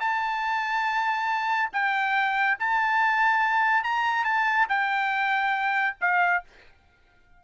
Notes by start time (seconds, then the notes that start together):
0.00 A5
1.73 G5
2.59 A5
3.84 A#5
4.25 A5
4.69 G5
6.01 F5